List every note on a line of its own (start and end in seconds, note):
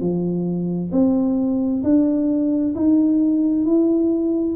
0.00 0.91 F3
0.92 1.83 C4
1.83 2.74 D4
2.75 3.65 D#4
3.65 4.56 E4